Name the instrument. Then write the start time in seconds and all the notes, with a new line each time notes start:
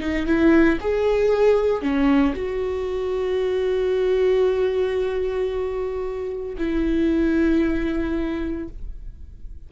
viola
0.00 D#4
0.26 E4
0.81 G#4
1.82 C#4
2.35 F#4
6.58 E4